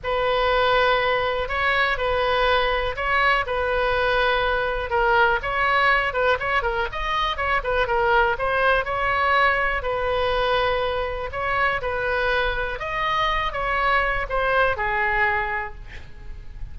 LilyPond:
\new Staff \with { instrumentName = "oboe" } { \time 4/4 \tempo 4 = 122 b'2. cis''4 | b'2 cis''4 b'4~ | b'2 ais'4 cis''4~ | cis''8 b'8 cis''8 ais'8 dis''4 cis''8 b'8 |
ais'4 c''4 cis''2 | b'2. cis''4 | b'2 dis''4. cis''8~ | cis''4 c''4 gis'2 | }